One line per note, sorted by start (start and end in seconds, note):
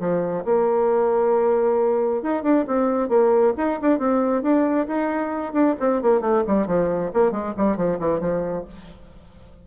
0.00 0.44 F3
0.45 2.22 A#3
2.22 2.43 D#4
2.43 2.65 D4
2.67 3.09 C4
3.09 3.54 A#3
3.58 3.80 D#4
3.82 3.99 D4
3.99 4.43 C4
4.43 4.87 D4
4.87 5.53 D#4
5.53 5.75 D4
5.80 6.02 C4
6.02 6.21 A#3
6.21 6.43 A3
6.47 6.67 G3
6.67 7.12 F3
7.14 7.32 A#3
7.32 7.54 G#3
7.57 7.77 G3
7.77 7.99 F3
8.00 8.20 E3
8.20 8.65 F3